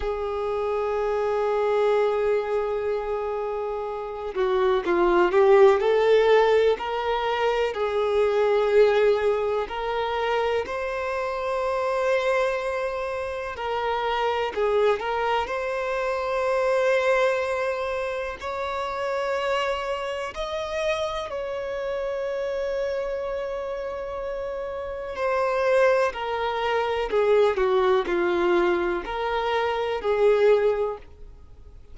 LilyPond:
\new Staff \with { instrumentName = "violin" } { \time 4/4 \tempo 4 = 62 gis'1~ | gis'8 fis'8 f'8 g'8 a'4 ais'4 | gis'2 ais'4 c''4~ | c''2 ais'4 gis'8 ais'8 |
c''2. cis''4~ | cis''4 dis''4 cis''2~ | cis''2 c''4 ais'4 | gis'8 fis'8 f'4 ais'4 gis'4 | }